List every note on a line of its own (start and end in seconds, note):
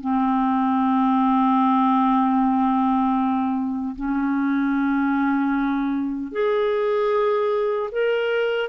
0.00 3.95 C4
3.95 6.31 C#4
6.31 7.89 G#4
7.91 8.69 A#4